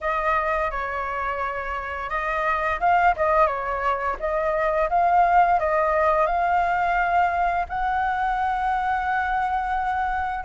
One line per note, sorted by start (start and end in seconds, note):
0.00 0.70 D#5
0.70 2.09 C#5
2.09 2.79 D#5
2.79 3.14 F5
3.16 3.46 D#5
3.46 4.16 C#5
4.19 4.89 D#5
4.89 5.59 F5
5.59 6.26 D#5
6.26 7.66 F5
7.68 10.44 F#5